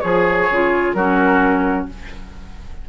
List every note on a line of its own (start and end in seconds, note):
0.00 0.50 F3
0.00 0.47 G#4
0.00 0.96 G#4
0.00 0.92 C#5
0.50 0.94 C#3
0.50 0.97 F4
0.93 1.86 F#3
0.93 1.89 C#4
0.93 1.88 F#4
0.93 1.85 A#4